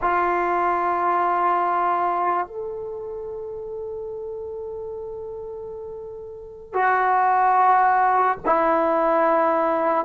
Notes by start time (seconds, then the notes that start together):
0.01 F4
2.47 A4
6.73 F#4
8.45 E4